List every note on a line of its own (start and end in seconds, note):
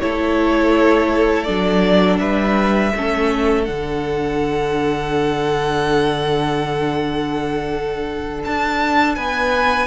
0.00 1.48 A3
0.00 1.46 E4
0.00 2.20 A4
0.00 1.43 C#5
1.43 2.19 F#3
1.43 2.93 D4
1.43 2.16 D5
2.19 2.93 G3
2.19 2.93 B4
2.19 3.64 E5
2.96 3.68 A3
2.96 3.66 C#4
2.96 9.16 A4
3.64 8.44 D3
3.64 9.87 D4
3.64 8.40 F#5
8.44 9.17 D4
8.44 9.15 A5
9.15 9.87 B3
9.15 9.87 B4
9.15 9.87 G#5